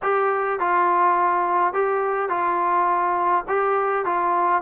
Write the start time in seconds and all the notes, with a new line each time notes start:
0.02 G4
0.59 F4
1.73 G4
2.29 F4
3.48 G4
4.05 F4